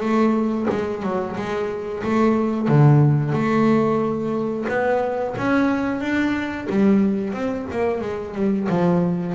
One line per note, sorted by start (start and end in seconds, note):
0.00 0.67 A3
0.70 1.02 G#3
1.02 1.36 F#3
1.36 2.02 G#3
2.03 2.68 A3
2.68 3.32 D3
3.32 4.65 A3
4.68 5.35 B3
5.37 6.00 C#4
6.00 6.67 D4
6.69 7.33 G3
7.33 7.67 C4
7.71 8.01 A#3
8.01 8.34 G#3
8.34 8.68 G3
8.69 9.35 F3